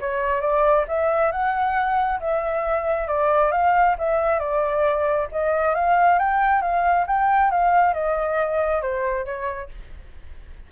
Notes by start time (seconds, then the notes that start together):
0.00 C#5
0.41 D5
0.88 E5
1.31 F#5
2.20 E5
3.07 D5
3.51 F5
3.98 E5
4.39 D5
5.31 D#5
5.74 F5
6.19 G5
6.61 F5
7.06 G5
7.50 F5
7.93 D#5
8.81 C5
9.25 C#5